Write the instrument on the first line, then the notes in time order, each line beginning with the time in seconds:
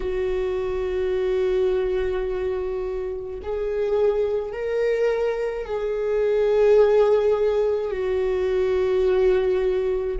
viola
0.00 F#4
3.42 G#4
4.52 A#4
5.64 G#4
7.90 F#4